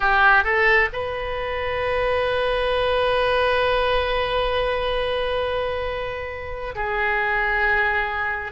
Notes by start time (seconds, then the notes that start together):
0.00 G4
0.44 A4
0.92 B4
6.75 G#4